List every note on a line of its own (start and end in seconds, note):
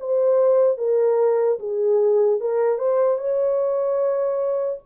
0.00 0.77 C5
0.77 1.58 A#4
1.59 2.40 G#4
2.40 2.78 A#4
2.78 3.18 C5
3.18 4.80 C#5